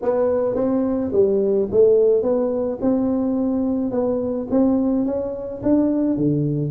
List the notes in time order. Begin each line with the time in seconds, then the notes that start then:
0.02 B3
0.55 C4
1.12 G3
1.71 A3
2.22 B3
2.81 C4
3.91 B3
4.50 C4
5.05 C#4
5.63 D4
6.17 D3